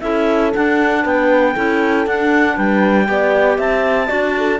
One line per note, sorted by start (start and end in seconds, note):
0.00 0.53 C#4
0.00 0.53 E4
0.00 1.02 A4
0.00 0.51 E5
0.54 1.56 D4
0.54 1.05 D4
0.54 1.05 F#5
1.02 1.56 B3
1.02 1.53 B4
1.02 2.07 G5
1.53 2.06 C#4
1.53 2.06 E4
1.53 2.54 A4
2.06 2.57 D4
2.06 3.05 D4
2.06 2.57 F#5
2.55 3.08 G3
2.55 3.06 B4
2.55 3.58 G5
3.05 3.58 B3
3.05 4.07 G4
3.05 3.57 D5
3.57 4.09 C4
3.57 4.07 E5
3.57 4.59 A5
4.07 4.59 D4
4.07 4.58 F#4
4.07 4.32 D5
4.37 4.59 A4